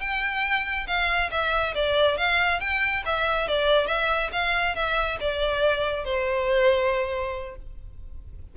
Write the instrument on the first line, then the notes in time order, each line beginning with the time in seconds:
violin
0.00 G5
0.87 F5
1.31 E5
1.74 D5
2.17 F5
2.60 G5
3.05 E5
3.47 D5
3.87 E5
4.32 F5
4.75 E5
5.20 D5
6.04 C5